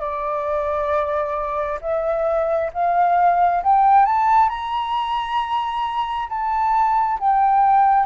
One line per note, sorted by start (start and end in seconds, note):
0.00 1.79 D5
1.81 2.71 E5
2.73 3.63 F5
3.63 4.05 G5
4.05 4.49 A5
4.49 6.28 A#5
6.29 7.18 A5
7.20 8.06 G5